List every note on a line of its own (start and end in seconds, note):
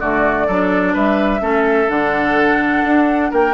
0.00 0.48 D3
0.00 0.48 A3
0.00 0.47 F#4
0.00 0.95 D5
0.47 0.95 F#3
0.47 1.40 D4
0.47 0.94 A4
0.94 1.41 G3
0.94 1.41 B4
0.94 1.90 E5
1.40 1.88 A3
1.40 1.88 C#4
1.40 3.31 A4
1.89 2.84 D3
1.89 3.54 D4
1.89 3.32 F#5
2.85 3.32 D4
3.31 3.55 A#3
3.31 3.55 A#4
3.31 3.55 G5